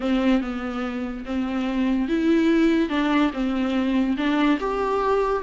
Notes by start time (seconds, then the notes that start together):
0.00 C4
0.41 B3
1.25 C4
2.08 E4
2.89 D4
3.33 C4
4.17 D4
4.60 G4